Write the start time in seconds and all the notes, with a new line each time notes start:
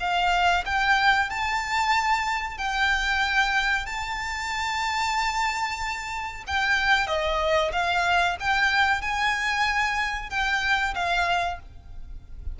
0.00 F5
0.65 G5
1.30 A5
2.58 G5
3.86 A5
6.47 G5
7.07 D#5
7.72 F5
8.40 G5
9.01 G#5
10.30 G5
10.95 F5